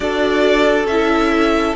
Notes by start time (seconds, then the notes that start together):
0.00 D4 F#4 A4 D5
0.85 C#4 E4 E5